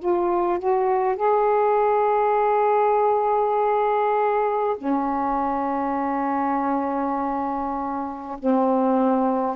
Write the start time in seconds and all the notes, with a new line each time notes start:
0.00 F4
0.59 F#4
1.16 G#4
4.78 C#4
8.39 C4